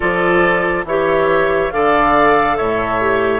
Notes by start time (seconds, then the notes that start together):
0.00 F3 F4 A4 D5
0.84 E3 G4 C#5 E5
1.71 D3 A4 D5 F5
2.56 A2 C#5 E5
3.00 G4